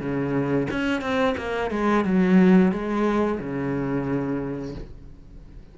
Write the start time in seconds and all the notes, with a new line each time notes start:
0.00 C#3
0.71 C#4
1.01 C4
1.38 A#3
1.71 G#3
2.04 F#3
2.72 G#3
3.40 C#3